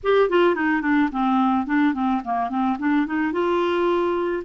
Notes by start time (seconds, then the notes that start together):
0.03 G4
0.29 F4
0.55 D#4
0.81 D4
1.11 C4
1.66 D4
1.94 C4
2.24 A#3
2.49 C4
2.79 D4
3.06 D#4
3.32 F4